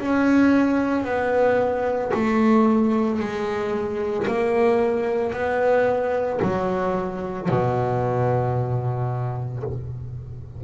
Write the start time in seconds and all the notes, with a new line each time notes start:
0.00 C#4
1.04 B3
2.14 A3
3.19 G#3
4.27 A#3
5.33 B3
6.42 F#3
7.49 B2